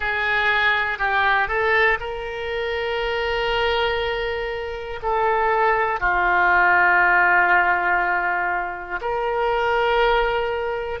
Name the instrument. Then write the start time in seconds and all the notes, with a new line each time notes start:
oboe
0.00 G#4
0.98 G4
1.48 A4
2.00 A#4
5.02 A4
6.00 F4
9.01 A#4